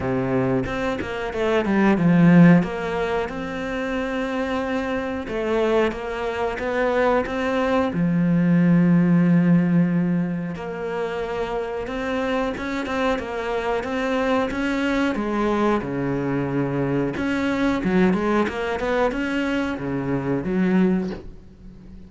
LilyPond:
\new Staff \with { instrumentName = "cello" } { \time 4/4 \tempo 4 = 91 c4 c'8 ais8 a8 g8 f4 | ais4 c'2. | a4 ais4 b4 c'4 | f1 |
ais2 c'4 cis'8 c'8 | ais4 c'4 cis'4 gis4 | cis2 cis'4 fis8 gis8 | ais8 b8 cis'4 cis4 fis4 | }